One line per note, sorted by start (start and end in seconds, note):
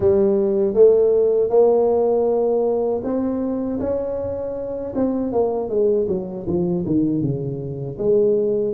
0.00 0.74 G3
0.74 1.49 A3
1.49 3.01 A#3
3.03 3.79 C4
3.79 4.93 C#4
4.95 5.32 C4
5.32 5.69 A#3
5.69 6.07 G#3
6.08 6.46 F#3
6.47 6.85 F3
6.86 7.21 D#3
7.21 7.97 C#3
7.98 8.74 G#3